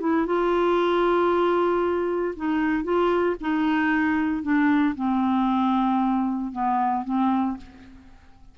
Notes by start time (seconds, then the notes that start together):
0.00 E4
0.26 F4
2.36 D#4
2.83 F4
3.40 D#4
4.42 D4
4.95 C4
6.52 B3
7.04 C4